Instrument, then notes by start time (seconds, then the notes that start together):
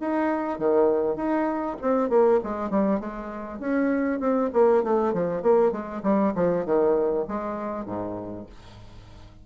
bassoon
0.00 D#4
0.58 D#3
1.15 D#4
1.81 C4
2.09 A#3
2.43 G#3
2.70 G3
3.00 G#3
3.59 C#4
4.20 C4
4.53 A#3
4.83 A3
5.13 F3
5.42 A#3
5.71 G#3
6.03 G3
6.35 F3
6.65 D#3
7.28 G#3
7.85 G#2